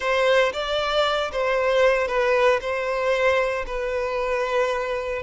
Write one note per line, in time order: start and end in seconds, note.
0.00 0.52 C5
0.52 1.31 D5
1.31 2.07 C5
2.07 2.59 B4
2.61 3.65 C5
3.66 5.22 B4